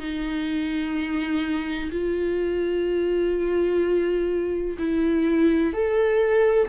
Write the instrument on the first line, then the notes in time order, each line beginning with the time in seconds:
viola
0.00 D#4
1.91 F4
4.79 E4
5.74 A4